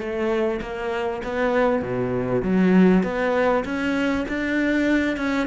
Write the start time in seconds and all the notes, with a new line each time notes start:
0.00 A3
0.62 A#3
1.24 B3
1.82 B2
2.43 F#3
3.03 B3
3.65 C#4
4.29 D4
5.17 C#4